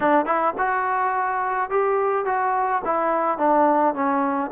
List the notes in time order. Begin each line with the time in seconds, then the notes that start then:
0.00 D4
0.25 E4
0.58 F#4
1.70 G4
2.25 F#4
2.85 E4
3.38 D4
3.94 C#4